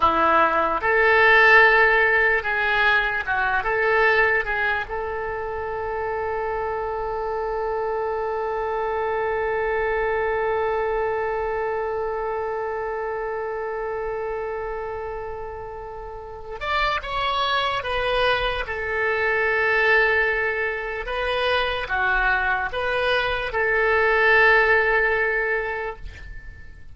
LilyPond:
\new Staff \with { instrumentName = "oboe" } { \time 4/4 \tempo 4 = 74 e'4 a'2 gis'4 | fis'8 a'4 gis'8 a'2~ | a'1~ | a'1~ |
a'1~ | a'8 d''8 cis''4 b'4 a'4~ | a'2 b'4 fis'4 | b'4 a'2. | }